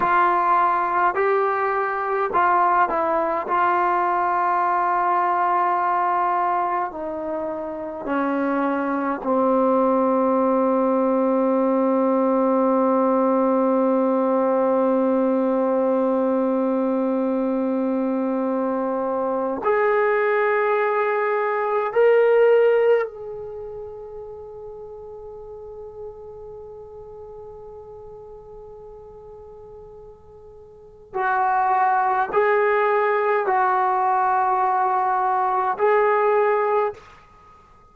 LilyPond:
\new Staff \with { instrumentName = "trombone" } { \time 4/4 \tempo 4 = 52 f'4 g'4 f'8 e'8 f'4~ | f'2 dis'4 cis'4 | c'1~ | c'1~ |
c'4 gis'2 ais'4 | gis'1~ | gis'2. fis'4 | gis'4 fis'2 gis'4 | }